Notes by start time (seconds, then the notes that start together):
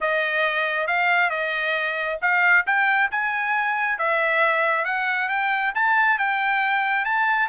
0.01 D#5
0.87 F5
1.30 D#5
2.21 F5
2.66 G5
3.11 G#5
3.98 E5
4.84 F#5
5.28 G5
5.74 A5
6.18 G5
7.04 A5